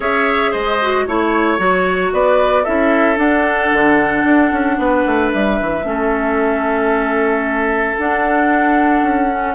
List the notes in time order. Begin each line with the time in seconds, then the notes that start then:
0.00 C#4 G#4 C#5 E5
0.51 G#3 C5 D#5
0.81 F#4
1.06 A3 E4 C#5
1.58 F#3 F#4
2.12 B3 B4 D5
2.63 C#4 E4 A4 E5
3.15 D4 F#5
3.72 D3
4.24 D4
4.51 C#4
4.77 B3 B4
5.06 A3
5.32 G3 E5
5.61 E3
5.83 A3 C#4 A4
7.96 D4 F#5
9.02 C#4
9.30 C#4